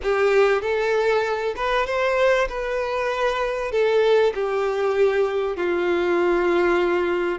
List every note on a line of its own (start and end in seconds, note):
0.03 0.61 G4
0.61 1.54 A4
1.56 1.86 B4
1.86 2.48 C5
2.49 3.71 B4
3.71 4.33 A4
4.34 5.56 G4
5.56 7.39 F4